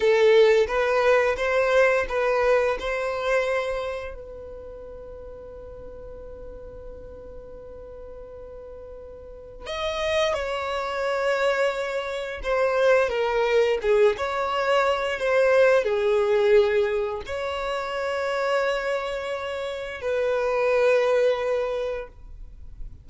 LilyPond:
\new Staff \with { instrumentName = "violin" } { \time 4/4 \tempo 4 = 87 a'4 b'4 c''4 b'4 | c''2 b'2~ | b'1~ | b'2 dis''4 cis''4~ |
cis''2 c''4 ais'4 | gis'8 cis''4. c''4 gis'4~ | gis'4 cis''2.~ | cis''4 b'2. | }